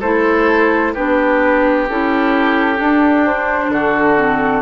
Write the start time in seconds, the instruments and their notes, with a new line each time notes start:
0.00 bassoon A3, clarinet E4, oboe A4, flute C5
0.94 bassoon B3, clarinet D4, oboe G4, flute B4
1.89 bassoon C#4, clarinet E4, flute A4
2.76 clarinet D4, bassoon D4
3.27 flute C5
3.70 bassoon D3, oboe F#4, flute A4
4.17 clarinet C4